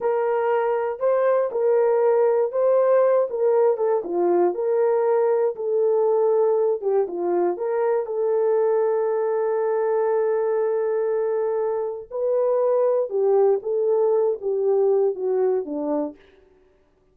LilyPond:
\new Staff \with { instrumentName = "horn" } { \time 4/4 \tempo 4 = 119 ais'2 c''4 ais'4~ | ais'4 c''4. ais'4 a'8 | f'4 ais'2 a'4~ | a'4. g'8 f'4 ais'4 |
a'1~ | a'1 | b'2 g'4 a'4~ | a'8 g'4. fis'4 d'4 | }